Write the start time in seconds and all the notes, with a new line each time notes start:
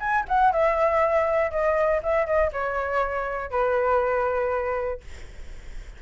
0.00 G#5
0.28 F#5
0.53 E5
1.51 D#5
2.03 E5
2.26 D#5
2.53 C#5
3.51 B4